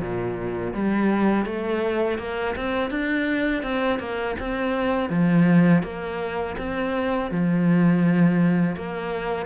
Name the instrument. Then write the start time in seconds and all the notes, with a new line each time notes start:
cello
0.00 A#2
0.73 G3
1.45 A3
2.18 A#3
2.56 C4
2.90 D4
3.63 C4
3.99 A#3
4.39 C4
5.09 F3
5.82 A#3
6.57 C4
7.30 F3
8.76 A#3